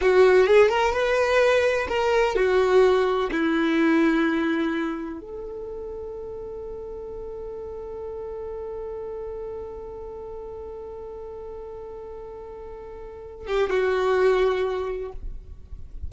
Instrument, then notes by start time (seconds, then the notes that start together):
violin
0.01 F#4
0.47 G#4
0.69 A#4
0.92 B4
1.88 A#4
2.35 F#4
3.31 E4
5.20 A4
13.46 G4
13.69 F#4